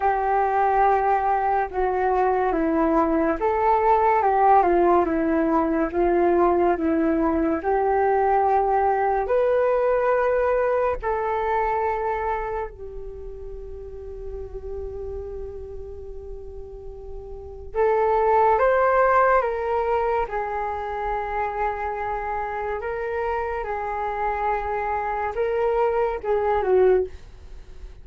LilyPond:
\new Staff \with { instrumentName = "flute" } { \time 4/4 \tempo 4 = 71 g'2 fis'4 e'4 | a'4 g'8 f'8 e'4 f'4 | e'4 g'2 b'4~ | b'4 a'2 g'4~ |
g'1~ | g'4 a'4 c''4 ais'4 | gis'2. ais'4 | gis'2 ais'4 gis'8 fis'8 | }